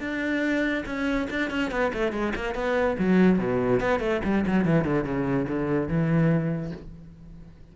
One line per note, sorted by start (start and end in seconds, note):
0.00 0.84 D4
0.86 1.28 C#4
1.31 1.51 D4
1.51 1.71 C#4
1.71 1.92 B3
1.94 2.12 A3
2.12 2.33 G#3
2.36 2.55 A#3
2.55 2.97 B3
2.99 3.39 F#3
3.39 3.80 B2
3.80 4.00 B3
4.00 4.21 A3
4.24 4.45 G3
4.47 4.66 F#3
4.66 4.85 E3
4.85 5.05 D3
5.05 5.47 C#3
5.49 5.88 D3
5.88 6.72 E3